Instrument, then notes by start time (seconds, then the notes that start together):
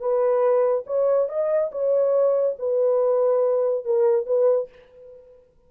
horn
0.00 B4
0.87 C#5
1.29 D#5
1.72 C#5
2.59 B4
3.85 A#4
4.27 B4